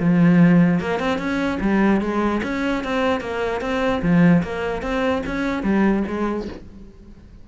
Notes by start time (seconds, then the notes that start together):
0.00 F3
0.81 A#3
1.00 C4
1.18 C#4
1.61 G3
2.01 G#3
2.43 C#4
2.84 C4
3.21 A#3
3.61 C4
4.02 F3
4.43 A#3
4.82 C4
5.26 C#4
5.63 G3
6.08 G#3